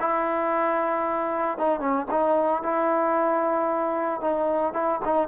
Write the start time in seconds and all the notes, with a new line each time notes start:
0.00 E4
1.58 D#4
1.80 C#4
2.11 D#4
2.63 E4
4.21 D#4
4.74 E4
5.05 D#4